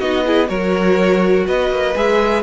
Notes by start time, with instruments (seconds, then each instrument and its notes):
0.00 cello B3, viola D#4, violin F#4 D#5
0.26 viola E4, violin G#4
0.48 cello F#3, viola F#4, violin A#4 C#5
1.47 cello B3, violin B4 D#5
1.71 cello A#3
1.95 cello G#3, viola G#4, violin E5